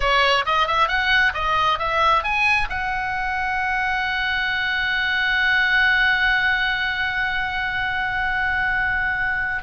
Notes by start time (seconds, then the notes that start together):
0.00 C#5
0.45 D#5
0.67 E5
0.88 F#5
1.34 D#5
1.78 E5
2.23 G#5
2.69 F#5